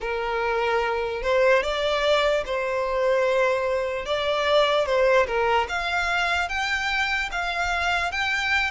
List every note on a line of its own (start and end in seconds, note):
0.00 1.22 A#4
1.22 1.62 C5
1.62 2.43 D5
2.45 4.05 C5
4.05 4.86 D5
4.86 5.26 C5
5.26 5.67 A#4
5.68 6.48 F5
6.48 7.29 G5
7.31 8.11 F5
8.11 8.71 G5